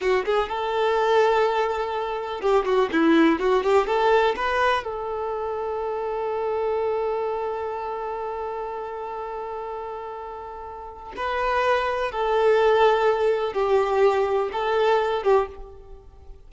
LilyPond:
\new Staff \with { instrumentName = "violin" } { \time 4/4 \tempo 4 = 124 fis'8 gis'8 a'2.~ | a'4 g'8 fis'8 e'4 fis'8 g'8 | a'4 b'4 a'2~ | a'1~ |
a'1~ | a'2. b'4~ | b'4 a'2. | g'2 a'4. g'8 | }